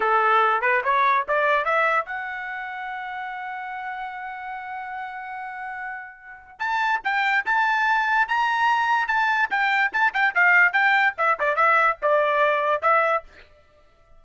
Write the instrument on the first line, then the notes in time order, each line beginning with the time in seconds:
trumpet
0.00 A4
0.61 B4
0.84 C#5
1.28 D5
1.65 E5
2.05 F#5
6.59 A5
7.03 G5
7.45 A5
8.28 A#5
9.07 A5
9.50 G5
9.92 A5
10.13 G5
10.34 F5
10.72 G5
11.17 E5
11.39 D5
11.56 E5
12.02 D5
12.82 E5